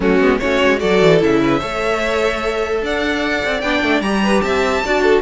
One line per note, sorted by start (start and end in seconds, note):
0.00 0.19 F#3
0.00 0.20 A3
0.00 0.38 C#4
0.00 0.38 F#4
0.19 0.39 G#3
0.19 0.40 B3
0.38 0.63 A3
0.38 0.78 C#4
0.38 0.80 F#4
0.38 0.79 C#5
0.63 0.82 G#3
0.78 1.02 F#3
0.78 1.18 F#4
0.78 1.40 A4
0.78 1.19 D5
1.02 1.22 E3
1.20 1.62 C#3
1.20 1.60 E4
1.20 2.84 E5
1.42 1.59 B4
1.59 2.82 A3
1.59 3.62 A4
1.59 2.79 C#5
2.82 3.42 D4
2.82 4.23 D5
2.82 3.61 F#5
3.44 3.62 C4
3.61 3.82 B3
3.61 4.04 D4
3.61 4.01 G5
3.82 4.00 A3
4.00 4.40 G3
4.00 4.84 G4
4.00 4.41 A#5
4.23 4.43 B4
4.41 4.83 C4
4.41 4.84 E5
4.41 5.21 A5
4.85 5.22 D4
4.85 5.22 F#4
4.85 5.02 D5
5.02 5.22 A4